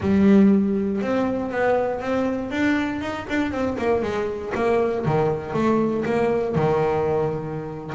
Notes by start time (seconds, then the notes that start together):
0.00 G3
1.01 C4
1.51 B3
2.00 C4
2.50 D4
3.01 D#4
3.29 D4
3.51 C4
3.77 A#3
4.02 G#3
4.54 A#3
5.05 D#3
5.53 A3
6.05 A#3
6.55 D#3